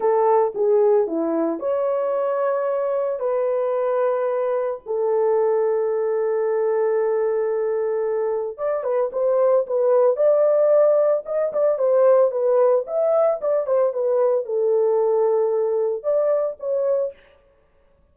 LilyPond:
\new Staff \with { instrumentName = "horn" } { \time 4/4 \tempo 4 = 112 a'4 gis'4 e'4 cis''4~ | cis''2 b'2~ | b'4 a'2.~ | a'1 |
d''8 b'8 c''4 b'4 d''4~ | d''4 dis''8 d''8 c''4 b'4 | e''4 d''8 c''8 b'4 a'4~ | a'2 d''4 cis''4 | }